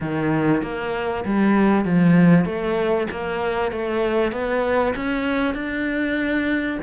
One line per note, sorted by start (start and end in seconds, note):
0.01 0.62 D#3
0.62 1.24 A#3
1.24 1.84 G3
1.84 2.45 F3
2.45 3.07 A3
3.10 3.71 A#3
3.71 4.32 A3
4.32 4.93 B3
4.95 5.54 C#4
5.54 6.78 D4